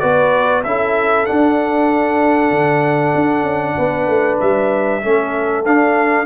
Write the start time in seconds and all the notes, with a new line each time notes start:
0.00 B3 F#4 B4 D5
0.63 C#4 E4 A4 E5
1.26 D4 F#5
2.51 D3
3.15 D4
3.43 C#4
3.77 B3 B4
4.08 A3
4.40 G3 E5
5.02 A3 C#4 A4
5.66 D4 F5